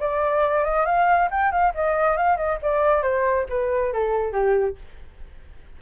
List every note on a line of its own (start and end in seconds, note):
0.00 0.65 D5
0.65 0.86 D#5
0.86 1.29 F5
1.31 1.51 G5
1.51 1.73 F5
1.75 2.17 D#5
2.17 2.37 F5
2.37 2.59 D#5
2.62 3.03 D5
3.03 3.46 C5
3.49 3.93 B4
3.93 4.32 A4
4.32 4.76 G4